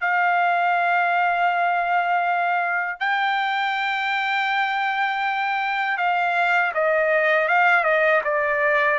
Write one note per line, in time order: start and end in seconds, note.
0.00 2.99 F5
2.99 5.97 G5
5.97 6.72 F5
6.74 7.48 D#5
7.48 7.83 F5
7.83 8.21 D#5
8.24 8.99 D5